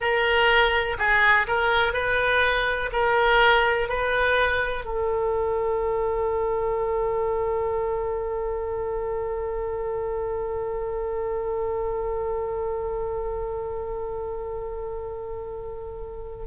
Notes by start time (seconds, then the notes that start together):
0.00 A#4
0.98 G#4
1.47 A#4
1.93 B4
2.92 A#4
3.88 B4
4.84 A4